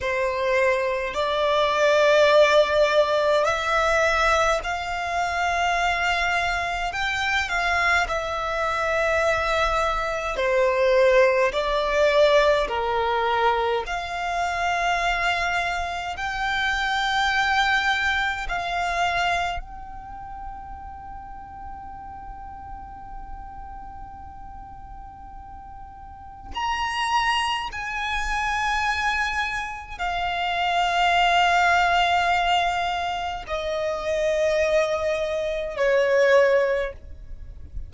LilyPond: \new Staff \with { instrumentName = "violin" } { \time 4/4 \tempo 4 = 52 c''4 d''2 e''4 | f''2 g''8 f''8 e''4~ | e''4 c''4 d''4 ais'4 | f''2 g''2 |
f''4 g''2.~ | g''2. ais''4 | gis''2 f''2~ | f''4 dis''2 cis''4 | }